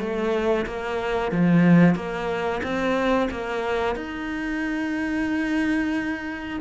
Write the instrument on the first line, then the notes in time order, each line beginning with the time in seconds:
cello
0.00 A3
0.66 A#3
1.32 F3
1.95 A#3
2.63 C4
3.31 A#3
3.96 D#4